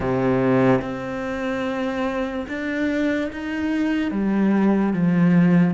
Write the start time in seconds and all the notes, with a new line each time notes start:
0.00 C3
0.81 C4
2.48 D4
3.32 D#4
4.11 G3
4.93 F3